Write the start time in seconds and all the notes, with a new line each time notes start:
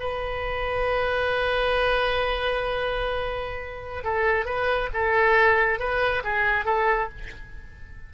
0.00 B4
4.04 A4
4.46 B4
4.94 A4
5.80 B4
6.24 G#4
6.65 A4